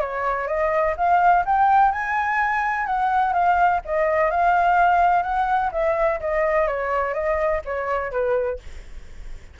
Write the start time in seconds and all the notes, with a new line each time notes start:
0.00 C#5
0.47 D#5
0.97 F5
1.45 G5
1.92 G#5
2.86 F#5
3.33 F5
3.85 D#5
4.31 F5
5.23 F#5
5.72 E5
6.20 D#5
6.67 C#5
7.14 D#5
7.65 C#5
8.11 B4